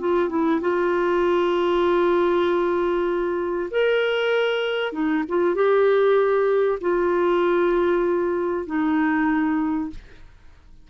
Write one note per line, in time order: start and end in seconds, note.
0.00 0.30 F4
0.30 0.60 E4
0.61 3.70 F4
3.71 4.93 A#4
4.93 5.24 D#4
5.29 5.55 F4
5.55 6.79 G4
6.81 8.67 F4
8.67 9.90 D#4